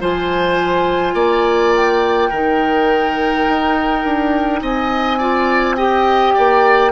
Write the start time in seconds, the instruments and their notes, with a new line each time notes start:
0.00 bassoon F3, clarinet F4, oboe C5, flute G#5
1.13 bassoon A#3, oboe D5
1.76 flute G5
2.29 bassoon D#3, clarinet D#4, oboe A#4
3.48 bassoon D#4
4.04 bassoon D4
4.61 bassoon C4, oboe D#5, flute G#5
5.18 clarinet F4, oboe D5
5.76 clarinet G4, oboe D#5, flute G5
6.34 bassoon A#3, oboe D5